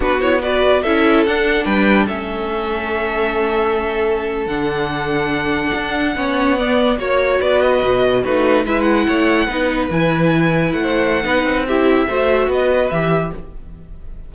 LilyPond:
<<
  \new Staff \with { instrumentName = "violin" } { \time 4/4 \tempo 4 = 144 b'8 cis''8 d''4 e''4 fis''4 | g''4 e''2.~ | e''2~ e''8. fis''4~ fis''16~ | fis''1~ |
fis''8. cis''4 d''8 dis''4. b'16~ | b'8. e''8 fis''2~ fis''8 gis''16~ | gis''4.~ gis''16 fis''2~ fis''16 | e''2 dis''4 e''4 | }
  \new Staff \with { instrumentName = "violin" } { \time 4/4 fis'4 b'4 a'2 | b'4 a'2.~ | a'1~ | a'2~ a'8. cis''4 d''16~ |
d''8. cis''4 b'2 fis'16~ | fis'8. b'4 cis''4 b'4~ b'16~ | b'2 c''4 b'4 | g'4 c''4 b'2 | }
  \new Staff \with { instrumentName = "viola" } { \time 4/4 d'8 e'8 fis'4 e'4 d'4~ | d'4 cis'2.~ | cis'2~ cis'8. d'4~ d'16~ | d'2~ d'8. cis'4 b16~ |
b8. fis'2. dis'16~ | dis'8. e'2 dis'4 e'16~ | e'2. dis'4 | e'4 fis'2 g'4 | }
  \new Staff \with { instrumentName = "cello" } { \time 4/4 b2 cis'4 d'4 | g4 a2.~ | a2~ a8. d4~ d16~ | d4.~ d16 d'4 b4~ b16~ |
b8. ais4 b4 b,4 a16~ | a8. gis4 a4 b4 e16~ | e4.~ e16 a4~ a16 b8 c'8~ | c'4 a4 b4 e4 | }
>>